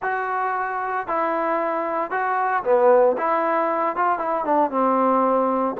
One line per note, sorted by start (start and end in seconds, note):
0.02 1.07 F#4
1.07 2.10 E4
2.10 2.63 F#4
2.63 3.16 B3
3.17 3.96 E4
3.96 4.18 F4
4.18 4.44 E4
4.44 4.70 D4
4.70 5.75 C4